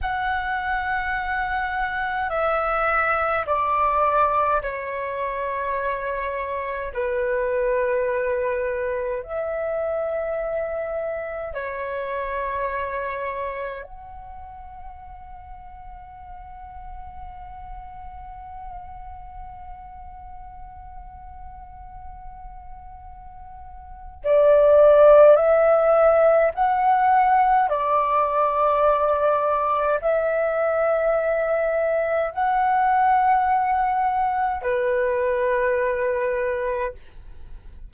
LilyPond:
\new Staff \with { instrumentName = "flute" } { \time 4/4 \tempo 4 = 52 fis''2 e''4 d''4 | cis''2 b'2 | e''2 cis''2 | fis''1~ |
fis''1~ | fis''4 d''4 e''4 fis''4 | d''2 e''2 | fis''2 b'2 | }